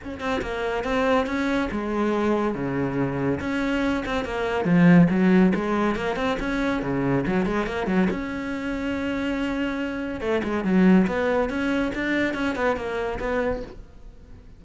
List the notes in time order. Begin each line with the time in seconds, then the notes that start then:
0.04 C#4
0.20 C4
0.41 A#3
0.84 C4
1.26 C#4
1.71 G#3
2.54 C#3
3.40 C#4
4.05 C4
4.24 A#3
4.64 F3
5.10 F#3
5.55 G#3
5.95 A#3
6.16 C4
6.39 C#4
6.82 C#3
7.26 F#3
7.45 G#3
7.66 A#3
7.86 F#3
8.10 C#4
10.20 A3
10.43 G#3
10.64 F#3
11.07 B3
11.49 C#4
11.94 D4
12.34 C#4
12.55 B3
12.76 A#3
13.19 B3